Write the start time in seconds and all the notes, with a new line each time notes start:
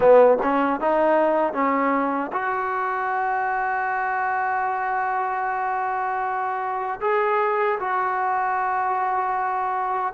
0.00 B3
0.42 C#4
0.80 D#4
1.53 C#4
2.32 F#4
7.00 G#4
7.79 F#4